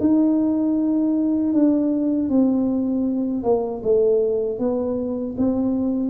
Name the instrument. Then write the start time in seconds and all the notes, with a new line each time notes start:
tuba
0.00 D#4
1.53 D4
2.29 C4
3.43 A#3
3.83 A3
4.59 B3
5.38 C4